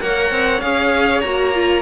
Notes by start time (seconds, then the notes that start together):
0.00 A#3 A#4 C#5 F#5
0.31 C4
0.60 C#4 G#4 F5
1.21 A#3 F#4 A#5
1.53 F4